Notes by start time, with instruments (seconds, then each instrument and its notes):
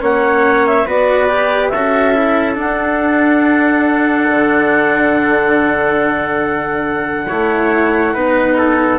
0.00 bassoon A#3, cello C#4, trumpet C#5, clarinet F#5
0.67 clarinet E5
0.86 bassoon B3, cello F#4, trumpet B4, clarinet D5
1.29 cello G4
1.69 bassoon C#4, trumpet A4, clarinet E5
1.75 cello F#4
2.15 cello E4
2.55 cello D4, bassoon D4, clarinet F#5
4.30 bassoon D3
7.28 bassoon A3, cello E4, trumpet C#5
8.14 bassoon B3, cello D#4, trumpet B4
8.58 trumpet A4